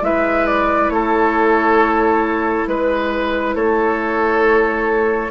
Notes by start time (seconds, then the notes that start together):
0.00 G#3 E4 B4 E5
0.46 D5
0.89 A3 A4 C#5
2.67 G#3 B4
3.55 A3 A4 C#5